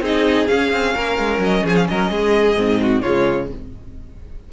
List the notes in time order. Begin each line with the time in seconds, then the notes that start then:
0.00 C4 D#4 G#4 D#5
0.46 C#4 F5
0.72 C4
0.94 A#3 A#4
1.18 G#3
1.38 F#3 D#5
1.64 F3 G#4 G#5
1.76 F5
1.88 F#3 A#4 D#5
2.09 G#3 G#4
2.56 G#2 C4
2.81 F#4
3.01 C#3 G#3 F4 C#5